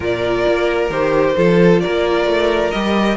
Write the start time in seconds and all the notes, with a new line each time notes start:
0.00 A#2 F4 A#4 D5
0.47 A#3
0.89 D#3 G4 C5
1.36 F3 F4 A4
1.80 A#3 A#4 D5
2.25 A3
2.71 G3 G4 D#5